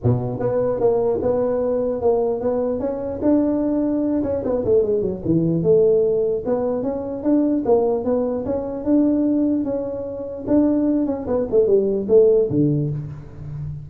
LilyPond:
\new Staff \with { instrumentName = "tuba" } { \time 4/4 \tempo 4 = 149 b,4 b4 ais4 b4~ | b4 ais4 b4 cis'4 | d'2~ d'8 cis'8 b8 a8 | gis8 fis8 e4 a2 |
b4 cis'4 d'4 ais4 | b4 cis'4 d'2 | cis'2 d'4. cis'8 | b8 a8 g4 a4 d4 | }